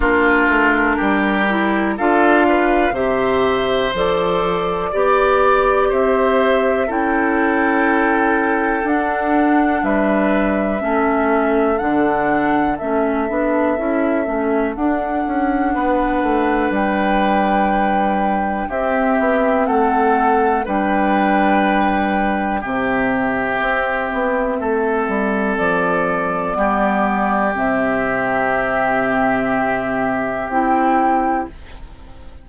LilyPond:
<<
  \new Staff \with { instrumentName = "flute" } { \time 4/4 \tempo 4 = 61 ais'2 f''4 e''4 | d''2 e''4 g''4~ | g''4 fis''4 e''2 | fis''4 e''2 fis''4~ |
fis''4 g''2 e''4 | fis''4 g''2 e''4~ | e''2 d''2 | e''2. g''4 | }
  \new Staff \with { instrumentName = "oboe" } { \time 4/4 f'4 g'4 a'8 b'8 c''4~ | c''4 d''4 c''4 a'4~ | a'2 b'4 a'4~ | a'1 |
b'2. g'4 | a'4 b'2 g'4~ | g'4 a'2 g'4~ | g'1 | }
  \new Staff \with { instrumentName = "clarinet" } { \time 4/4 d'4. e'8 f'4 g'4 | a'4 g'2 e'4~ | e'4 d'2 cis'4 | d'4 cis'8 d'8 e'8 cis'8 d'4~ |
d'2. c'4~ | c'4 d'2 c'4~ | c'2. b4 | c'2. e'4 | }
  \new Staff \with { instrumentName = "bassoon" } { \time 4/4 ais8 a8 g4 d'4 c4 | f4 b4 c'4 cis'4~ | cis'4 d'4 g4 a4 | d4 a8 b8 cis'8 a8 d'8 cis'8 |
b8 a8 g2 c'8 b8 | a4 g2 c4 | c'8 b8 a8 g8 f4 g4 | c2. c'4 | }
>>